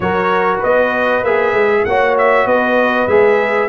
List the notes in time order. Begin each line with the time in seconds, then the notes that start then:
0.00 F#3 F#4 A#4 C#5
0.58 B3 B4 D#5
1.22 A#3 G#4 E5
1.53 G#3
1.85 A#3 F#4 C#5 F#5
2.18 E5
2.45 B3 B4 D#5
3.07 G#3 G#4 E5